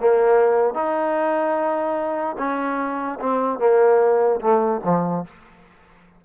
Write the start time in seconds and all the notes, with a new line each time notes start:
0.00 A#3
0.74 D#4
2.38 C#4
3.20 C4
3.59 A#3
4.40 A3
4.84 F3